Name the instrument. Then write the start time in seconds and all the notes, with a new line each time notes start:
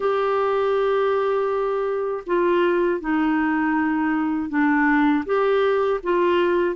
clarinet
0.00 G4
2.26 F4
3.00 D#4
4.49 D4
5.25 G4
6.03 F4